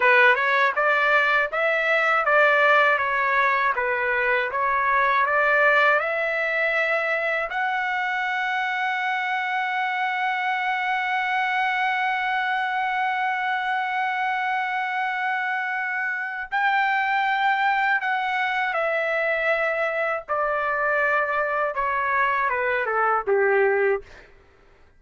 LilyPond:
\new Staff \with { instrumentName = "trumpet" } { \time 4/4 \tempo 4 = 80 b'8 cis''8 d''4 e''4 d''4 | cis''4 b'4 cis''4 d''4 | e''2 fis''2~ | fis''1~ |
fis''1~ | fis''2 g''2 | fis''4 e''2 d''4~ | d''4 cis''4 b'8 a'8 g'4 | }